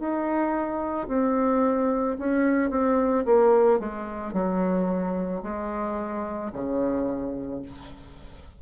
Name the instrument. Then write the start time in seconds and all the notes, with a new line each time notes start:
bassoon
0.00 D#4
1.08 C4
2.19 C#4
2.71 C4
3.26 A#3
3.80 G#3
4.33 F#3
5.43 G#3
6.53 C#3